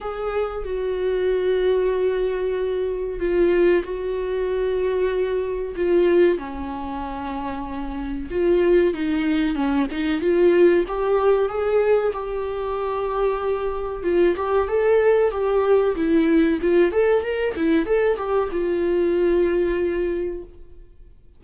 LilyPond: \new Staff \with { instrumentName = "viola" } { \time 4/4 \tempo 4 = 94 gis'4 fis'2.~ | fis'4 f'4 fis'2~ | fis'4 f'4 cis'2~ | cis'4 f'4 dis'4 cis'8 dis'8 |
f'4 g'4 gis'4 g'4~ | g'2 f'8 g'8 a'4 | g'4 e'4 f'8 a'8 ais'8 e'8 | a'8 g'8 f'2. | }